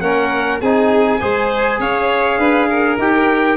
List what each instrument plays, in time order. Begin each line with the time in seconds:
0.00 tuba A#3, trombone C#4, violin A#4, trumpet F#5
0.60 tuba C4, trombone D#4, violin G#4, trumpet G#5
1.20 tuba G#3, trombone G#4, violin C5
1.79 tuba C#4, violin C#5, trumpet F5
2.38 tuba D4, violin B4
2.69 violin A#4
2.98 tuba D#4, trombone G4, trumpet G5